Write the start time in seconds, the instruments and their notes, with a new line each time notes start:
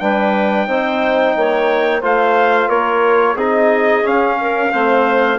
0.00 bassoon G3, trombone D4, clarinet B4, trumpet G5
0.67 bassoon C4, trombone D#4, clarinet C5
1.37 bassoon A#3, clarinet C#5
2.02 bassoon A3, trombone F4, clarinet C5, trumpet F5
2.69 bassoon A#3, clarinet A#4, trumpet C#5
3.35 bassoon C4, trombone D#4, clarinet G#4, trumpet D#5
4.04 trombone C#4, bassoon C#4, trumpet F5
4.41 clarinet A#4
4.71 bassoon A3, trombone C4, clarinet C5